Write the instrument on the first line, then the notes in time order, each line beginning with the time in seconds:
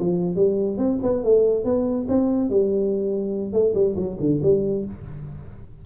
tuba
0.00 F3
0.36 G3
0.78 C4
1.03 B3
1.24 A3
1.65 B3
2.09 C4
2.50 G3
3.53 A3
3.75 G3
3.97 F#3
4.20 D3
4.43 G3